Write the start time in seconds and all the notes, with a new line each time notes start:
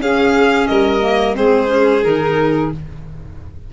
0.00 C#4 G#4 F5
0.67 G3 A#4 D#5
1.01 A#3
1.34 G#3 C4 G#4 C5
1.67 C#4
2.04 D#3 D#4 A#4